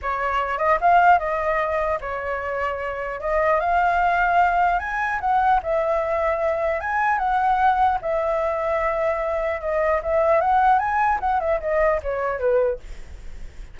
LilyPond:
\new Staff \with { instrumentName = "flute" } { \time 4/4 \tempo 4 = 150 cis''4. dis''8 f''4 dis''4~ | dis''4 cis''2. | dis''4 f''2. | gis''4 fis''4 e''2~ |
e''4 gis''4 fis''2 | e''1 | dis''4 e''4 fis''4 gis''4 | fis''8 e''8 dis''4 cis''4 b'4 | }